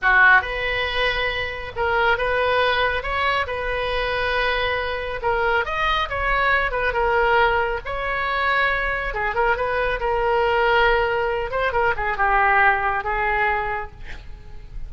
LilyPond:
\new Staff \with { instrumentName = "oboe" } { \time 4/4 \tempo 4 = 138 fis'4 b'2. | ais'4 b'2 cis''4 | b'1 | ais'4 dis''4 cis''4. b'8 |
ais'2 cis''2~ | cis''4 gis'8 ais'8 b'4 ais'4~ | ais'2~ ais'8 c''8 ais'8 gis'8 | g'2 gis'2 | }